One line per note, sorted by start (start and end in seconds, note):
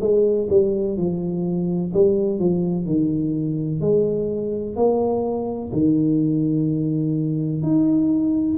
0.00 0.48 G#3
0.49 0.97 G3
0.97 1.92 F3
1.94 2.39 G3
2.39 2.85 F3
2.85 3.81 D#3
3.81 4.76 G#3
4.76 5.71 A#3
5.72 7.62 D#3
7.62 8.57 D#4